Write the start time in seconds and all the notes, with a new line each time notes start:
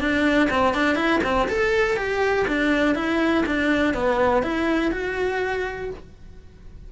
0.00 D4
0.50 C4
0.74 D4
0.96 E4
1.24 C4
1.50 A4
1.97 G4
2.48 D4
2.95 E4
3.46 D4
3.94 B3
4.43 E4
4.92 F#4